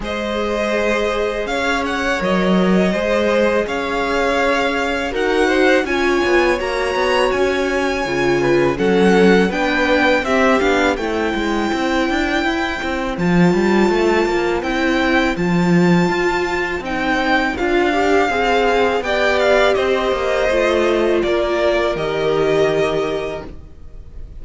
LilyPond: <<
  \new Staff \with { instrumentName = "violin" } { \time 4/4 \tempo 4 = 82 dis''2 f''8 fis''8 dis''4~ | dis''4 f''2 fis''4 | gis''4 ais''4 gis''2 | fis''4 g''4 e''8 f''8 g''4~ |
g''2 a''2 | g''4 a''2 g''4 | f''2 g''8 f''8 dis''4~ | dis''4 d''4 dis''2 | }
  \new Staff \with { instrumentName = "violin" } { \time 4/4 c''2 cis''2 | c''4 cis''2 ais'8 c''8 | cis''2.~ cis''8 b'8 | a'4 b'4 g'4 c''4~ |
c''1~ | c''1~ | c''2 d''4 c''4~ | c''4 ais'2. | }
  \new Staff \with { instrumentName = "viola" } { \time 4/4 gis'2. ais'4 | gis'2. fis'4 | f'4 fis'2 f'4 | cis'4 d'4 c'8 d'8 e'4~ |
e'2 f'2 | e'4 f'2 dis'4 | f'8 g'8 gis'4 g'2 | f'2 g'2 | }
  \new Staff \with { instrumentName = "cello" } { \time 4/4 gis2 cis'4 fis4 | gis4 cis'2 dis'4 | cis'8 b8 ais8 b8 cis'4 cis4 | fis4 b4 c'8 b8 a8 gis8 |
c'8 d'8 e'8 c'8 f8 g8 a8 ais8 | c'4 f4 f'4 c'4 | d'4 c'4 b4 c'8 ais8 | a4 ais4 dis2 | }
>>